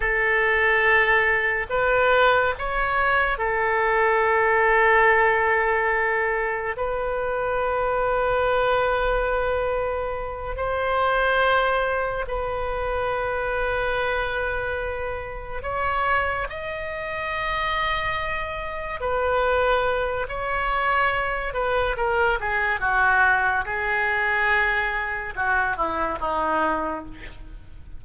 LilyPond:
\new Staff \with { instrumentName = "oboe" } { \time 4/4 \tempo 4 = 71 a'2 b'4 cis''4 | a'1 | b'1~ | b'8 c''2 b'4.~ |
b'2~ b'8 cis''4 dis''8~ | dis''2~ dis''8 b'4. | cis''4. b'8 ais'8 gis'8 fis'4 | gis'2 fis'8 e'8 dis'4 | }